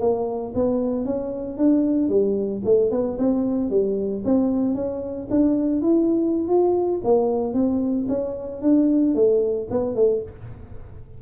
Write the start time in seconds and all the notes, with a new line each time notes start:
0.00 A#3
0.55 B3
1.05 C#4
1.57 D4
2.09 G3
2.65 A3
2.91 B3
3.18 C4
3.70 G3
4.25 C4
4.75 C#4
5.30 D4
5.82 E4
6.48 F4
7.04 A#3
7.53 C4
8.08 C#4
8.61 D4
9.15 A3
9.70 B3
9.95 A3